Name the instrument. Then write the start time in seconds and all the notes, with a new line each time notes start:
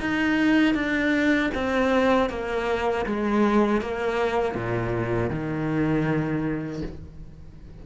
cello
0.00 D#4
0.75 D4
1.54 C4
2.30 A#3
3.06 G#3
3.81 A#3
4.55 A#2
5.30 D#3